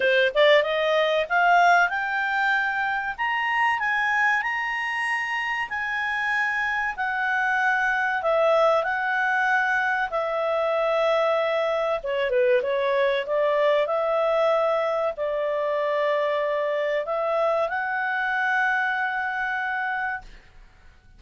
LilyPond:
\new Staff \with { instrumentName = "clarinet" } { \time 4/4 \tempo 4 = 95 c''8 d''8 dis''4 f''4 g''4~ | g''4 ais''4 gis''4 ais''4~ | ais''4 gis''2 fis''4~ | fis''4 e''4 fis''2 |
e''2. cis''8 b'8 | cis''4 d''4 e''2 | d''2. e''4 | fis''1 | }